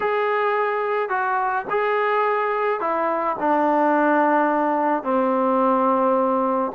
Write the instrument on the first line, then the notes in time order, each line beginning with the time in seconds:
trombone
0.00 G#4
1.09 F#4
1.70 G#4
2.80 E4
3.39 D4
5.03 C4